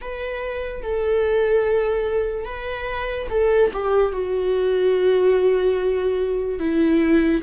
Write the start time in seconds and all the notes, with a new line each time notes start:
0.01 B4
0.82 A4
2.45 B4
3.30 A4
3.73 G4
4.12 F#4
6.59 E4